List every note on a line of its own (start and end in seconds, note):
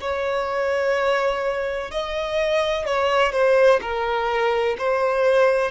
0.00 1.90 C#5
1.91 2.86 D#5
2.86 3.32 C#5
3.32 3.80 C5
3.81 4.76 A#4
4.78 5.71 C5